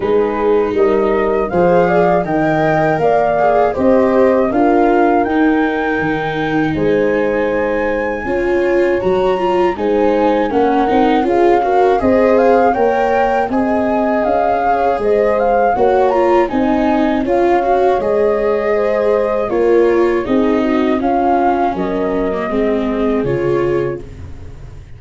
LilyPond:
<<
  \new Staff \with { instrumentName = "flute" } { \time 4/4 \tempo 4 = 80 b'4 dis''4 f''4 g''4 | f''4 dis''4 f''4 g''4~ | g''4 gis''2. | ais''4 gis''4 fis''4 f''4 |
dis''8 f''8 g''4 gis''4 f''4 | dis''8 f''8 fis''8 ais''8 gis''4 f''4 | dis''2 cis''4 dis''4 | f''4 dis''2 cis''4 | }
  \new Staff \with { instrumentName = "horn" } { \time 4/4 gis'4 ais'4 c''8 d''8 dis''4 | d''4 c''4 ais'2~ | ais'4 c''2 cis''4~ | cis''4 c''4 ais'4 gis'8 ais'8 |
c''4 cis''4 dis''4. cis''8 | c''4 cis''4 dis''4 cis''4~ | cis''4 c''4 ais'4 gis'8 fis'8 | f'4 ais'4 gis'2 | }
  \new Staff \with { instrumentName = "viola" } { \time 4/4 dis'2 gis'4 ais'4~ | ais'8 gis'8 g'4 f'4 dis'4~ | dis'2. f'4 | fis'8 f'8 dis'4 cis'8 dis'8 f'8 fis'8 |
gis'4 ais'4 gis'2~ | gis'4 fis'8 f'8 dis'4 f'8 fis'8 | gis'2 f'4 dis'4 | cis'4.~ cis'16 ais16 c'4 f'4 | }
  \new Staff \with { instrumentName = "tuba" } { \time 4/4 gis4 g4 f4 dis4 | ais4 c'4 d'4 dis'4 | dis4 gis2 cis'4 | fis4 gis4 ais8 c'8 cis'4 |
c'4 ais4 c'4 cis'4 | gis4 ais4 c'4 cis'4 | gis2 ais4 c'4 | cis'4 fis4 gis4 cis4 | }
>>